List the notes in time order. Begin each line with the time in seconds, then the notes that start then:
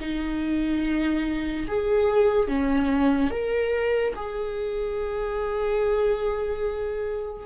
0.00 D#4
1.67 G#4
2.47 C#4
3.30 A#4
4.16 G#4